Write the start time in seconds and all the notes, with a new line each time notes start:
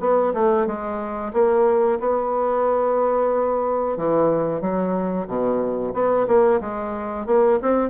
0.00 B3
0.34 A3
0.67 G#3
1.33 A#3
2.00 B3
3.97 E3
4.61 F#3
5.27 B2
5.94 B3
6.27 A#3
6.61 G#3
7.26 A#3
7.62 C4